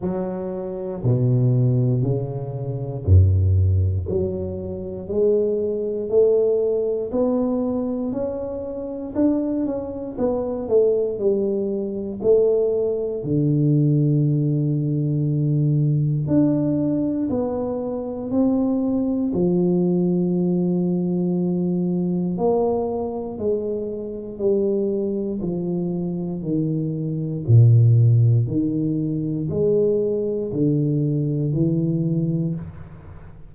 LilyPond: \new Staff \with { instrumentName = "tuba" } { \time 4/4 \tempo 4 = 59 fis4 b,4 cis4 fis,4 | fis4 gis4 a4 b4 | cis'4 d'8 cis'8 b8 a8 g4 | a4 d2. |
d'4 b4 c'4 f4~ | f2 ais4 gis4 | g4 f4 dis4 ais,4 | dis4 gis4 d4 e4 | }